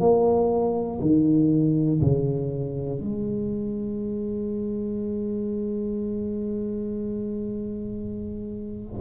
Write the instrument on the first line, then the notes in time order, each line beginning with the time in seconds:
tuba
0.00 A#3
1.00 D#3
2.01 C#3
3.00 G#3